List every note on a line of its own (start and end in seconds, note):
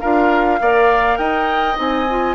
0.00 0.60 D4
0.00 0.60 F4
0.00 0.59 A#4
0.00 1.17 F5
0.60 1.18 A#3
0.60 1.75 A#4
0.60 1.18 D5
1.17 1.77 D#4
1.17 2.35 D#5
1.17 1.76 G5
1.75 2.35 C4
1.75 2.05 D#4
1.75 2.35 G#5
2.10 2.35 F4